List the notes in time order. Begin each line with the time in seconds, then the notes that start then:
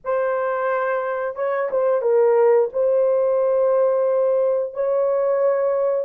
0.04 C5
1.35 C#5
1.70 C5
2.01 A#4
2.72 C5
4.73 C#5